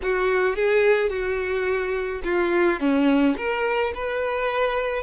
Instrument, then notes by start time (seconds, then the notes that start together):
violin
0.02 F#4
0.55 G#4
1.09 F#4
2.24 F4
2.80 C#4
3.37 A#4
3.94 B4